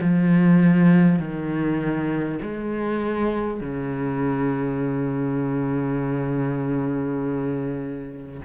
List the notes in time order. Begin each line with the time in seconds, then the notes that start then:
0.00 F3
1.19 D#3
2.41 G#3
3.61 C#3